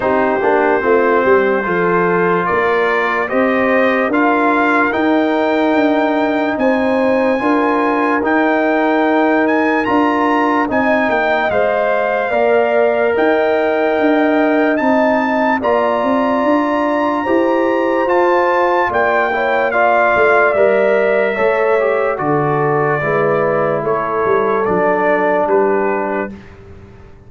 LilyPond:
<<
  \new Staff \with { instrumentName = "trumpet" } { \time 4/4 \tempo 4 = 73 c''2. d''4 | dis''4 f''4 g''2 | gis''2 g''4. gis''8 | ais''4 gis''8 g''8 f''2 |
g''2 a''4 ais''4~ | ais''2 a''4 g''4 | f''4 e''2 d''4~ | d''4 cis''4 d''4 b'4 | }
  \new Staff \with { instrumentName = "horn" } { \time 4/4 g'4 f'8 g'8 a'4 ais'4 | c''4 ais'2. | c''4 ais'2.~ | ais'4 dis''2 d''4 |
dis''2. d''4~ | d''4 c''2 d''8 cis''8 | d''2 cis''4 a'4 | b'4 a'2 g'4 | }
  \new Staff \with { instrumentName = "trombone" } { \time 4/4 dis'8 d'8 c'4 f'2 | g'4 f'4 dis'2~ | dis'4 f'4 dis'2 | f'4 dis'4 c''4 ais'4~ |
ais'2 dis'4 f'4~ | f'4 g'4 f'4. e'8 | f'4 ais'4 a'8 g'8 fis'4 | e'2 d'2 | }
  \new Staff \with { instrumentName = "tuba" } { \time 4/4 c'8 ais8 a8 g8 f4 ais4 | c'4 d'4 dis'4 d'4 | c'4 d'4 dis'2 | d'4 c'8 ais8 gis4 ais4 |
dis'4 d'4 c'4 ais8 c'8 | d'4 e'4 f'4 ais4~ | ais8 a8 g4 a4 d4 | gis4 a8 g8 fis4 g4 | }
>>